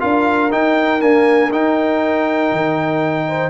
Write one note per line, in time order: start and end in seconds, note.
0.00 0.53 D4
0.00 0.50 F4
0.00 3.26 A#4
0.00 0.51 F5
0.52 1.01 D#4
0.52 1.02 D#4
0.52 1.02 G5
1.01 1.51 A#3
1.01 1.52 D4
1.01 1.52 G#5
1.52 2.52 D#4
1.52 3.50 D#4
1.52 3.50 G5
2.52 3.50 D#3
3.28 3.50 C5